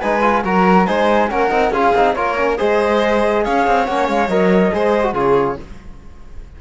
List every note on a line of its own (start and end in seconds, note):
0.00 0.44 G#3
0.00 0.22 D#4
0.00 0.43 B4
0.00 0.43 G#5
0.22 0.43 F4
0.44 0.87 F#3
0.44 0.87 F#4
0.44 0.86 A#4
0.44 0.87 A#5
0.86 1.31 G#3
0.86 1.29 D#4
0.86 1.29 C5
0.86 1.29 G#5
1.29 1.51 A#3
1.29 1.50 C#4
1.29 1.72 A#4
1.29 1.72 F#5
1.50 1.71 C4
1.50 1.72 D#4
1.71 1.92 C#4
1.71 1.95 F4
1.71 2.15 G#4
1.71 2.13 F5
1.95 2.15 C4
1.95 2.16 D#4
2.13 2.58 A#3
2.13 2.37 F4
2.13 2.57 A#4
2.13 2.56 C#5
2.37 2.57 C#4
2.57 3.46 G#3
2.57 3.86 G#4
2.57 3.43 C5
2.57 3.45 D#5
3.45 3.66 C#4
3.45 4.73 C#5
3.45 3.86 F5
3.66 3.88 C4
3.86 4.08 A#3
3.86 4.30 C#4
3.86 4.07 F#5
4.08 4.28 G#3
4.08 4.28 F5
4.28 4.71 F#3
4.28 4.72 A#4
4.28 5.14 D#5
4.72 5.13 G#3
4.72 5.03 G#4
4.72 5.13 C5
5.03 5.14 F#4
5.13 5.56 C#3
5.13 5.57 F4
5.13 5.56 G#4
5.13 5.61 C#5